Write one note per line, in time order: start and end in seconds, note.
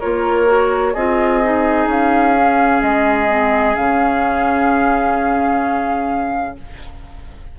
0.00 0.95 A#3
0.00 0.46 F4
0.00 0.94 A#4
0.00 0.94 C#5
0.46 0.93 F#4
0.94 1.87 C4
0.94 1.44 F4
0.94 6.56 G#4
0.94 1.88 D#5
1.44 2.36 D#4
1.87 2.80 C#4
1.87 2.82 F5
2.36 3.28 C#4
2.82 3.76 G#3
2.82 3.76 D#5
3.28 3.75 C4
3.75 6.59 C#3
3.75 6.56 C#4
3.75 6.57 F5